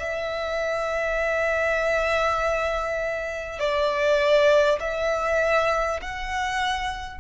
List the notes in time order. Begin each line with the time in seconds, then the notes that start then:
0.00 E5
3.59 D5
4.81 E5
6.02 F#5